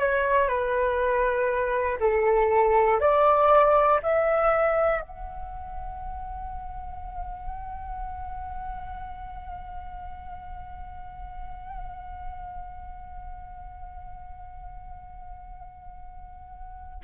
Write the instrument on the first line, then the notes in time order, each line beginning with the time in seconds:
flute
0.00 C#5
0.48 B4
2.00 A4
3.00 D5
4.02 E5
5.01 F#5